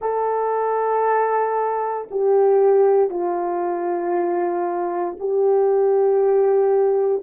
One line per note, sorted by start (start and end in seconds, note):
0.01 2.08 A4
2.10 3.09 G4
3.09 5.16 F4
5.20 7.22 G4